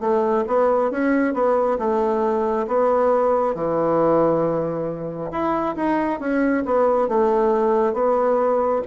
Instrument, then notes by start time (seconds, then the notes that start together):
bassoon
0.00 A3
0.47 B3
0.91 C#4
1.34 B3
1.78 A3
2.67 B3
3.55 E3
5.31 E4
5.76 D#4
6.20 C#4
6.65 B3
7.08 A3
7.93 B3